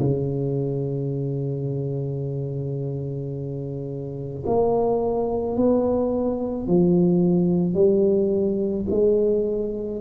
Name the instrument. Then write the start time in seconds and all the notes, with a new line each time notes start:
tuba
0.00 C#3
4.46 A#3
5.57 B3
6.68 F3
7.75 G3
8.90 G#3